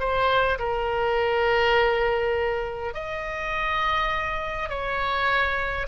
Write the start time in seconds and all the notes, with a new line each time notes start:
0.00 C5
0.59 A#4
2.94 D#5
4.69 C#5